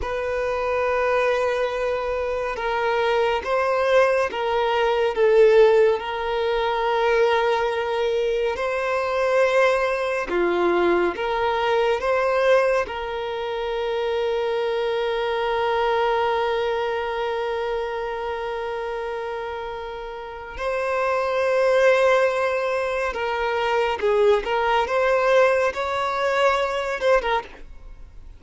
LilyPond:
\new Staff \with { instrumentName = "violin" } { \time 4/4 \tempo 4 = 70 b'2. ais'4 | c''4 ais'4 a'4 ais'4~ | ais'2 c''2 | f'4 ais'4 c''4 ais'4~ |
ais'1~ | ais'1 | c''2. ais'4 | gis'8 ais'8 c''4 cis''4. c''16 ais'16 | }